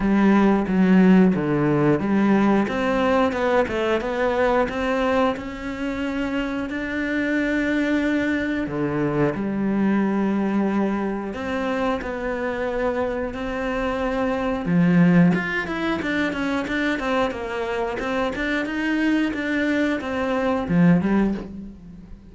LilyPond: \new Staff \with { instrumentName = "cello" } { \time 4/4 \tempo 4 = 90 g4 fis4 d4 g4 | c'4 b8 a8 b4 c'4 | cis'2 d'2~ | d'4 d4 g2~ |
g4 c'4 b2 | c'2 f4 f'8 e'8 | d'8 cis'8 d'8 c'8 ais4 c'8 d'8 | dis'4 d'4 c'4 f8 g8 | }